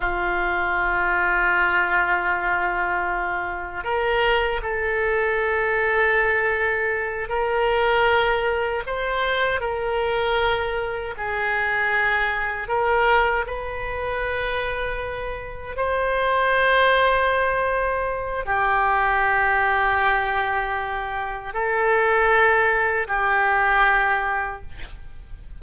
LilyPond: \new Staff \with { instrumentName = "oboe" } { \time 4/4 \tempo 4 = 78 f'1~ | f'4 ais'4 a'2~ | a'4. ais'2 c''8~ | c''8 ais'2 gis'4.~ |
gis'8 ais'4 b'2~ b'8~ | b'8 c''2.~ c''8 | g'1 | a'2 g'2 | }